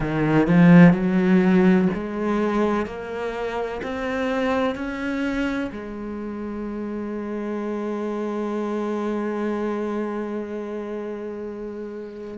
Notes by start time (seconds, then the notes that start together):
0.00 D#3
0.47 F3
0.93 F#3
1.93 G#3
2.86 A#3
3.83 C4
4.75 C#4
5.71 G#3